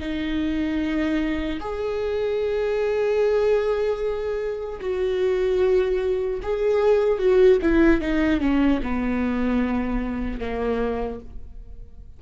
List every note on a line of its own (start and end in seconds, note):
0.00 1.60 D#4
1.60 4.80 G#4
4.81 6.41 F#4
6.43 7.19 G#4
7.19 7.59 F#4
7.62 8.01 E4
8.01 8.41 D#4
8.41 8.81 C#4
8.83 10.40 B3
10.40 11.20 A#3